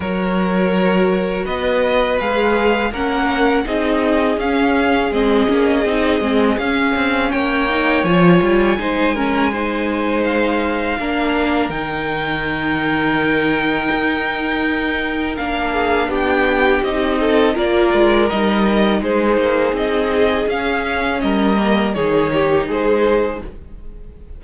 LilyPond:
<<
  \new Staff \with { instrumentName = "violin" } { \time 4/4 \tempo 4 = 82 cis''2 dis''4 f''4 | fis''4 dis''4 f''4 dis''4~ | dis''4 f''4 g''4 gis''4~ | gis''2 f''2 |
g''1~ | g''4 f''4 g''4 dis''4 | d''4 dis''4 c''4 dis''4 | f''4 dis''4 cis''4 c''4 | }
  \new Staff \with { instrumentName = "violin" } { \time 4/4 ais'2 b'2 | ais'4 gis'2.~ | gis'2 cis''2 | c''8 ais'8 c''2 ais'4~ |
ais'1~ | ais'4. gis'8 g'4. a'8 | ais'2 gis'2~ | gis'4 ais'4 gis'8 g'8 gis'4 | }
  \new Staff \with { instrumentName = "viola" } { \time 4/4 fis'2. gis'4 | cis'4 dis'4 cis'4 c'8 cis'8 | dis'8 c'8 cis'4. dis'8 f'4 | dis'8 cis'8 dis'2 d'4 |
dis'1~ | dis'4 d'2 dis'4 | f'4 dis'2. | cis'4. ais8 dis'2 | }
  \new Staff \with { instrumentName = "cello" } { \time 4/4 fis2 b4 gis4 | ais4 c'4 cis'4 gis8 ais8 | c'8 gis8 cis'8 c'8 ais4 f8 g8 | gis2. ais4 |
dis2. dis'4~ | dis'4 ais4 b4 c'4 | ais8 gis8 g4 gis8 ais8 c'4 | cis'4 g4 dis4 gis4 | }
>>